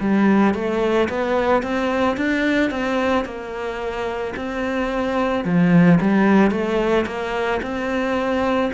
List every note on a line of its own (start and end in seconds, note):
0.00 0.54 G3
0.54 1.09 A3
1.09 1.62 B3
1.62 2.17 C4
2.17 2.71 D4
2.71 3.25 C4
3.25 4.34 A#3
4.36 5.44 C4
5.44 5.99 F3
6.01 6.51 G3
6.51 7.05 A3
7.06 7.61 A#3
7.62 8.71 C4